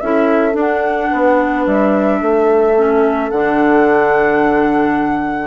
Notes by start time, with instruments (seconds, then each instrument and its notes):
0.00 bassoon C#4, clarinet E4, horn A4, flute E5
0.52 clarinet D4, bassoon D4
0.59 flute F#5
1.11 bassoon B3, horn B4
1.66 bassoon G3, flute E5
2.21 bassoon A3, horn A4
2.77 clarinet C#4
3.31 bassoon D3, clarinet D4, flute F#5